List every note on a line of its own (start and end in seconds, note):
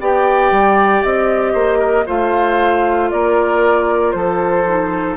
0.00 0.51 B3
0.00 2.06 G4
0.00 1.53 D5
0.00 1.03 G5
0.51 1.03 G3
1.03 1.54 C4
1.03 2.06 D#5
1.53 2.06 A#3
1.53 1.79 C5
1.79 2.05 A#4
2.06 3.12 A3
2.06 4.65 F4
2.06 3.10 C5
2.06 3.11 F5
3.11 4.14 A#3
3.11 4.16 A#4
3.11 4.12 D5
4.12 5.17 F3
4.12 5.17 A4
4.12 5.15 C5
4.67 5.17 D#4